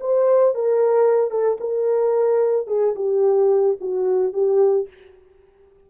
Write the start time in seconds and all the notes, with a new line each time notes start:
0.00 C5
0.54 A#4
1.30 A4
1.60 A#4
2.67 G#4
2.95 G4
3.80 F#4
4.33 G4